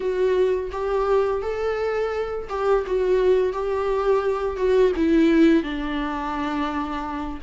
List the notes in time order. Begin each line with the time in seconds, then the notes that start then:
0.00 F#4
0.71 G4
1.42 A4
2.49 G4
2.86 F#4
3.52 G4
4.56 F#4
4.96 E4
5.63 D4